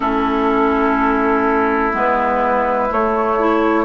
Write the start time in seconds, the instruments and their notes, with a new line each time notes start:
0.00 bassoon A3, clarinet C#4, oboe E4, flute A4
1.93 bassoon G#3, clarinet B3, flute B4
2.90 clarinet A3, bassoon A3, flute C#5
3.39 clarinet E4